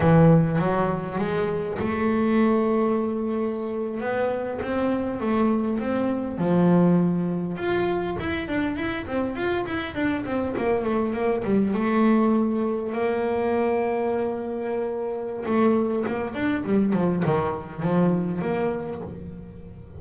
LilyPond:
\new Staff \with { instrumentName = "double bass" } { \time 4/4 \tempo 4 = 101 e4 fis4 gis4 a4~ | a2~ a8. b4 c'16~ | c'8. a4 c'4 f4~ f16~ | f8. f'4 e'8 d'8 e'8 c'8 f'16~ |
f'16 e'8 d'8 c'8 ais8 a8 ais8 g8 a16~ | a4.~ a16 ais2~ ais16~ | ais2 a4 ais8 d'8 | g8 f8 dis4 f4 ais4 | }